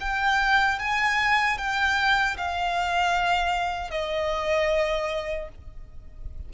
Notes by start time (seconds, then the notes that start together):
0.00 G5
0.79 G#5
1.58 G5
2.37 F5
3.90 D#5